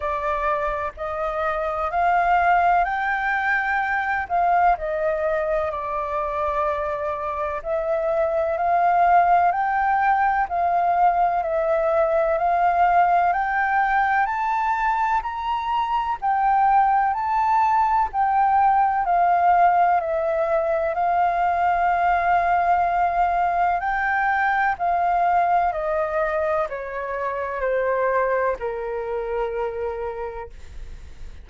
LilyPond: \new Staff \with { instrumentName = "flute" } { \time 4/4 \tempo 4 = 63 d''4 dis''4 f''4 g''4~ | g''8 f''8 dis''4 d''2 | e''4 f''4 g''4 f''4 | e''4 f''4 g''4 a''4 |
ais''4 g''4 a''4 g''4 | f''4 e''4 f''2~ | f''4 g''4 f''4 dis''4 | cis''4 c''4 ais'2 | }